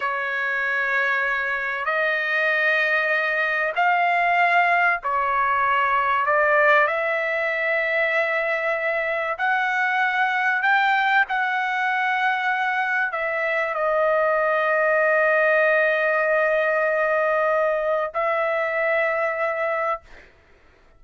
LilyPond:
\new Staff \with { instrumentName = "trumpet" } { \time 4/4 \tempo 4 = 96 cis''2. dis''4~ | dis''2 f''2 | cis''2 d''4 e''4~ | e''2. fis''4~ |
fis''4 g''4 fis''2~ | fis''4 e''4 dis''2~ | dis''1~ | dis''4 e''2. | }